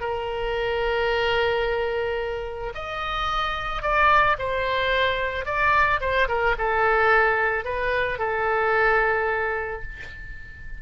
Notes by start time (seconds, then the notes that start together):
0.00 A#4
2.75 D#5
3.82 D5
4.39 C5
5.45 D5
6.01 C5
6.28 A#4
6.58 A4
7.64 B4
8.19 A4